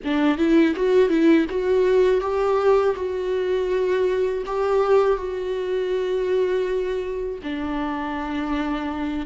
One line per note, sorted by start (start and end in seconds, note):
0.04 0.37 D4
0.37 0.74 E4
0.75 1.09 F#4
1.09 1.46 E4
1.49 2.21 F#4
2.21 2.95 G4
2.95 4.43 F#4
4.45 5.16 G4
5.16 7.38 F#4
7.43 9.26 D4